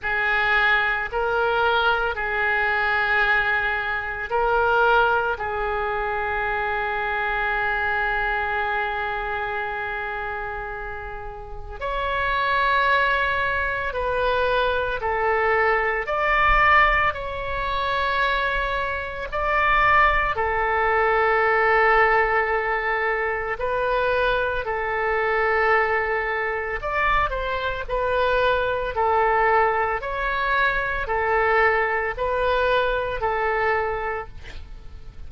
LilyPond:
\new Staff \with { instrumentName = "oboe" } { \time 4/4 \tempo 4 = 56 gis'4 ais'4 gis'2 | ais'4 gis'2.~ | gis'2. cis''4~ | cis''4 b'4 a'4 d''4 |
cis''2 d''4 a'4~ | a'2 b'4 a'4~ | a'4 d''8 c''8 b'4 a'4 | cis''4 a'4 b'4 a'4 | }